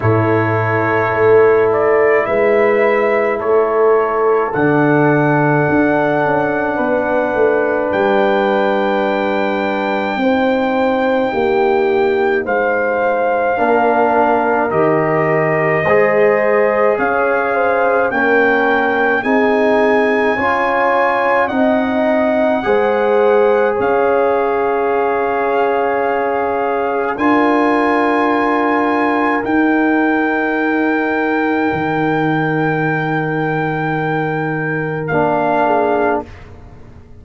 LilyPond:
<<
  \new Staff \with { instrumentName = "trumpet" } { \time 4/4 \tempo 4 = 53 cis''4. d''8 e''4 cis''4 | fis''2. g''4~ | g''2. f''4~ | f''4 dis''2 f''4 |
g''4 gis''2 fis''4~ | fis''4 f''2. | gis''2 g''2~ | g''2. f''4 | }
  \new Staff \with { instrumentName = "horn" } { \time 4/4 a'2 b'4 a'4~ | a'2 b'2~ | b'4 c''4 g'4 c''4 | ais'2 c''4 cis''8 c''8 |
ais'4 gis'4 cis''4 dis''4 | c''4 cis''2. | ais'1~ | ais'2.~ ais'8 gis'8 | }
  \new Staff \with { instrumentName = "trombone" } { \time 4/4 e'1 | d'1~ | d'4 dis'2. | d'4 g'4 gis'2 |
cis'4 dis'4 f'4 dis'4 | gis'1 | f'2 dis'2~ | dis'2. d'4 | }
  \new Staff \with { instrumentName = "tuba" } { \time 4/4 a,4 a4 gis4 a4 | d4 d'8 cis'8 b8 a8 g4~ | g4 c'4 ais4 gis4 | ais4 dis4 gis4 cis'4 |
ais4 c'4 cis'4 c'4 | gis4 cis'2. | d'2 dis'2 | dis2. ais4 | }
>>